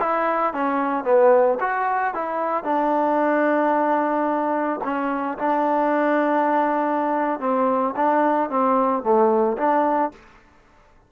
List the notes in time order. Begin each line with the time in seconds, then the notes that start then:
0.00 E4
0.53 C#4
1.04 B3
1.60 F#4
2.14 E4
2.64 D4
4.84 C#4
5.38 D4
7.40 C4
7.96 D4
8.50 C4
9.03 A3
9.57 D4